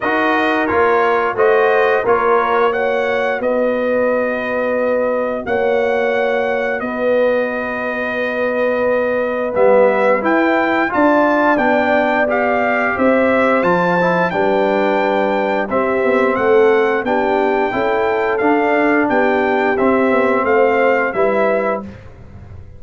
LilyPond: <<
  \new Staff \with { instrumentName = "trumpet" } { \time 4/4 \tempo 4 = 88 dis''4 cis''4 dis''4 cis''4 | fis''4 dis''2. | fis''2 dis''2~ | dis''2 e''4 g''4 |
a''4 g''4 f''4 e''4 | a''4 g''2 e''4 | fis''4 g''2 f''4 | g''4 e''4 f''4 e''4 | }
  \new Staff \with { instrumentName = "horn" } { \time 4/4 ais'2 c''4 ais'4 | cis''4 b'2. | cis''2 b'2~ | b'1 |
d''2. c''4~ | c''4 b'2 g'4 | a'4 g'4 a'2 | g'2 c''4 b'4 | }
  \new Staff \with { instrumentName = "trombone" } { \time 4/4 fis'4 f'4 fis'4 f'4 | fis'1~ | fis'1~ | fis'2 b4 e'4 |
f'4 d'4 g'2 | f'8 e'8 d'2 c'4~ | c'4 d'4 e'4 d'4~ | d'4 c'2 e'4 | }
  \new Staff \with { instrumentName = "tuba" } { \time 4/4 dis'4 ais4 a4 ais4~ | ais4 b2. | ais2 b2~ | b2 g4 e'4 |
d'4 b2 c'4 | f4 g2 c'8 b8 | a4 b4 cis'4 d'4 | b4 c'8 b8 a4 g4 | }
>>